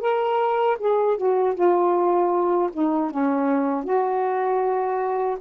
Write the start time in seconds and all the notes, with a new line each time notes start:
0.00 A#4
0.79 G#4
1.17 F#4
1.55 F4
2.73 D#4
3.10 C#4
3.84 F#4